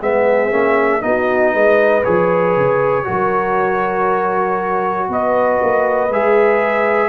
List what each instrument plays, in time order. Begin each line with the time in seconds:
0.00 tuba G#3, trombone B3, horn G#4, trumpet E5
0.51 tuba A#3, trombone C#4
1.01 tuba B3, trombone D#4, horn F#4, trumpet D#5
1.53 tuba G#3, horn B4
2.04 tuba F3, trombone G#4, trumpet C#5
2.57 tuba C#3
3.04 tuba F#3, trombone F#4, horn A#4
5.09 tuba B3, horn B4, trumpet D#5
5.62 tuba A#3
6.09 tuba G#3, trombone G#4, trumpet E5